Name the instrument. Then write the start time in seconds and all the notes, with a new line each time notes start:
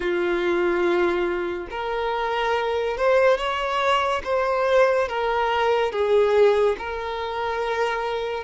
violin
0.00 F4
1.70 A#4
2.97 C5
3.37 C#5
4.24 C5
5.08 A#4
5.92 G#4
6.78 A#4